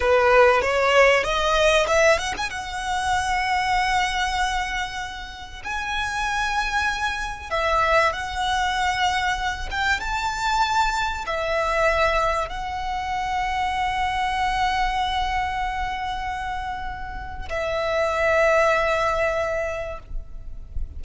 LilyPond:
\new Staff \with { instrumentName = "violin" } { \time 4/4 \tempo 4 = 96 b'4 cis''4 dis''4 e''8 fis''16 gis''16 | fis''1~ | fis''4 gis''2. | e''4 fis''2~ fis''8 g''8 |
a''2 e''2 | fis''1~ | fis''1 | e''1 | }